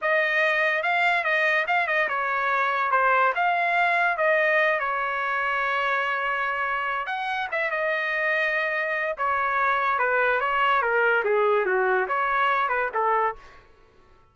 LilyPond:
\new Staff \with { instrumentName = "trumpet" } { \time 4/4 \tempo 4 = 144 dis''2 f''4 dis''4 | f''8 dis''8 cis''2 c''4 | f''2 dis''4. cis''8~ | cis''1~ |
cis''4 fis''4 e''8 dis''4.~ | dis''2 cis''2 | b'4 cis''4 ais'4 gis'4 | fis'4 cis''4. b'8 a'4 | }